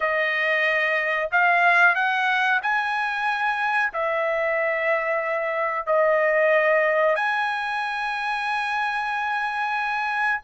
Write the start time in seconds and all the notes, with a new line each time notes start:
0.00 D#5
1.31 F5
1.95 F#5
2.62 G#5
3.93 E5
5.86 D#5
7.15 G#5